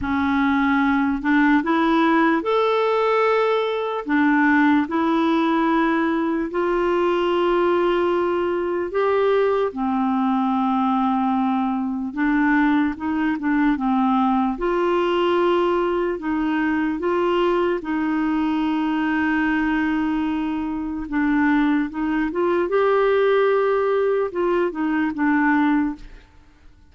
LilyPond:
\new Staff \with { instrumentName = "clarinet" } { \time 4/4 \tempo 4 = 74 cis'4. d'8 e'4 a'4~ | a'4 d'4 e'2 | f'2. g'4 | c'2. d'4 |
dis'8 d'8 c'4 f'2 | dis'4 f'4 dis'2~ | dis'2 d'4 dis'8 f'8 | g'2 f'8 dis'8 d'4 | }